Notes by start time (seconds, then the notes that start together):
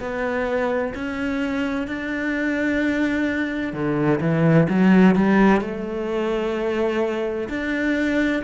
0.00 B3
0.95 C#4
1.87 D4
3.73 D3
4.21 E3
4.69 F#3
5.16 G3
5.61 A3
7.49 D4